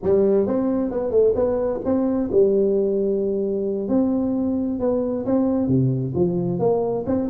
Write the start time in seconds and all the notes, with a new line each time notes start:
0.02 G3
0.46 C4
0.90 B3
1.10 A3
1.35 B3
1.84 C4
2.31 G3
3.88 C4
4.79 B3
5.25 C4
5.67 C3
6.15 F3
6.59 A#3
7.06 C4